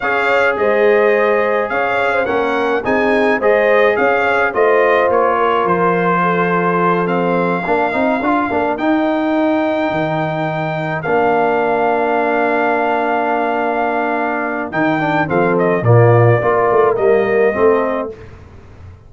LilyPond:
<<
  \new Staff \with { instrumentName = "trumpet" } { \time 4/4 \tempo 4 = 106 f''4 dis''2 f''4 | fis''4 gis''4 dis''4 f''4 | dis''4 cis''4 c''2~ | c''8 f''2. g''8~ |
g''2.~ g''8 f''8~ | f''1~ | f''2 g''4 f''8 dis''8 | d''2 dis''2 | }
  \new Staff \with { instrumentName = "horn" } { \time 4/4 cis''4 c''2 cis''8. c''16 | ais'4 gis'4 c''4 cis''4 | c''4. ais'4. a'4~ | a'4. ais'2~ ais'8~ |
ais'1~ | ais'1~ | ais'2. a'4 | f'4 ais'2 a'4 | }
  \new Staff \with { instrumentName = "trombone" } { \time 4/4 gis'1 | cis'4 dis'4 gis'2 | f'1~ | f'8 c'4 d'8 dis'8 f'8 d'8 dis'8~ |
dis'2.~ dis'8 d'8~ | d'1~ | d'2 dis'8 d'8 c'4 | ais4 f'4 ais4 c'4 | }
  \new Staff \with { instrumentName = "tuba" } { \time 4/4 cis'4 gis2 cis'4 | ais4 c'4 gis4 cis'4 | a4 ais4 f2~ | f4. ais8 c'8 d'8 ais8 dis'8~ |
dis'4. dis2 ais8~ | ais1~ | ais2 dis4 f4 | ais,4 ais8 a8 g4 a4 | }
>>